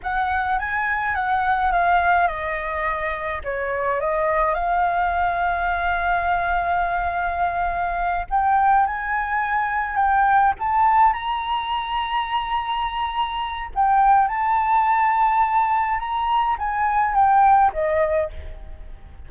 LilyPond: \new Staff \with { instrumentName = "flute" } { \time 4/4 \tempo 4 = 105 fis''4 gis''4 fis''4 f''4 | dis''2 cis''4 dis''4 | f''1~ | f''2~ f''8 g''4 gis''8~ |
gis''4. g''4 a''4 ais''8~ | ais''1 | g''4 a''2. | ais''4 gis''4 g''4 dis''4 | }